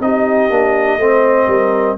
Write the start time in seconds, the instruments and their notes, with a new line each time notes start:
0.00 tuba C4, trombone D#4, horn G4, trumpet D#5
0.50 tuba A#3, trombone D4
0.97 tuba A3, trombone C4, horn C5
1.47 tuba G3, horn A#4